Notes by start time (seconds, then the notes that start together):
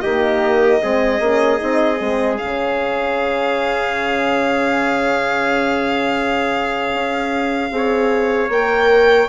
0.00 D#3 G4 D#5
0.07 A#3
0.81 G#3 C4 G#4
1.19 A#3 C#4
1.57 C4 D#4
2.00 G#3 C4
2.37 C#4 F5
2.44 C#3
6.93 C#4
7.70 C4 G#4 C#5
8.49 A#3 A#4 G5